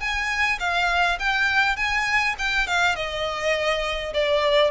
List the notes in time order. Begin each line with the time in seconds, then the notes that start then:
0.00 G#5
0.60 F5
1.20 G5
1.76 G#5
2.38 G5
2.67 F5
2.95 D#5
4.14 D5